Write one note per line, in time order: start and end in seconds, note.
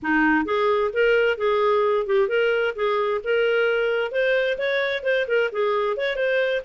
0.02 0.45 D#4
0.45 0.91 G#4
0.93 1.37 A#4
1.37 2.06 G#4
2.06 2.28 G4
2.28 2.74 A#4
2.75 3.21 G#4
3.24 4.11 A#4
4.11 4.57 C5
4.58 5.03 C#5
5.03 5.26 C5
5.27 5.50 A#4
5.52 5.96 G#4
5.96 6.15 C#5
6.15 6.61 C5